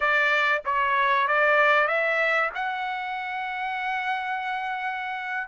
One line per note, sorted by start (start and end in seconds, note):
0.00 0.62 D5
0.65 1.27 C#5
1.27 1.87 D5
1.87 2.50 E5
2.54 5.47 F#5